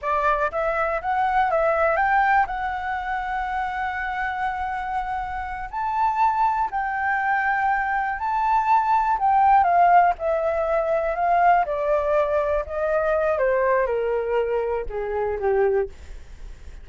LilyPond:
\new Staff \with { instrumentName = "flute" } { \time 4/4 \tempo 4 = 121 d''4 e''4 fis''4 e''4 | g''4 fis''2.~ | fis''2.~ fis''8 a''8~ | a''4. g''2~ g''8~ |
g''8 a''2 g''4 f''8~ | f''8 e''2 f''4 d''8~ | d''4. dis''4. c''4 | ais'2 gis'4 g'4 | }